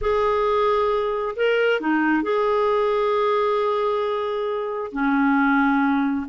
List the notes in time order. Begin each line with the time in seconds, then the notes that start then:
0.01 G#4
1.36 A#4
1.80 D#4
2.22 G#4
4.92 C#4